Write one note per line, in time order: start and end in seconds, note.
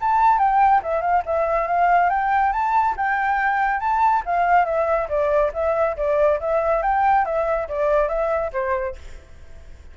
0.00 0.38 A5
0.38 0.81 G5
0.83 1.01 E5
1.01 1.23 F5
1.25 1.67 E5
1.67 2.09 F5
2.09 2.52 G5
2.52 2.95 A5
2.97 3.80 G5
3.80 4.23 A5
4.25 4.65 F5
4.65 5.08 E5
5.09 5.51 D5
5.54 5.96 E5
5.97 6.40 D5
6.40 6.82 E5
6.82 7.25 G5
7.25 7.68 E5
7.68 8.08 D5
8.08 8.51 E5
8.53 8.96 C5